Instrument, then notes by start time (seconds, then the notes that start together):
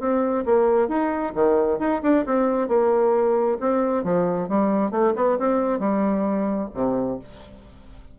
bassoon
0.00 C4
0.46 A#3
0.88 D#4
1.35 D#3
1.79 D#4
2.03 D4
2.26 C4
2.69 A#3
3.60 C4
4.04 F3
4.49 G3
4.91 A3
5.16 B3
5.39 C4
5.79 G3
6.74 C3